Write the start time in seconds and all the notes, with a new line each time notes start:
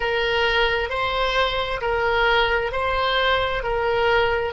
0.00 A#4
0.89 C5
1.81 A#4
2.72 C5
3.63 A#4